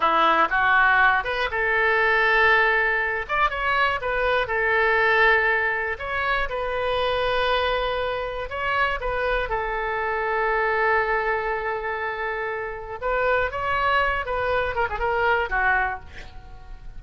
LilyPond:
\new Staff \with { instrumentName = "oboe" } { \time 4/4 \tempo 4 = 120 e'4 fis'4. b'8 a'4~ | a'2~ a'8 d''8 cis''4 | b'4 a'2. | cis''4 b'2.~ |
b'4 cis''4 b'4 a'4~ | a'1~ | a'2 b'4 cis''4~ | cis''8 b'4 ais'16 gis'16 ais'4 fis'4 | }